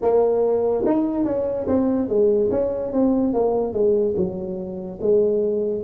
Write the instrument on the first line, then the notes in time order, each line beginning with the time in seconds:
tuba
0.01 A#3
0.86 D#4
1.24 C#4
1.67 C4
2.08 G#3
2.50 C#4
2.92 C4
3.33 A#3
3.73 G#3
4.16 F#3
5.01 G#3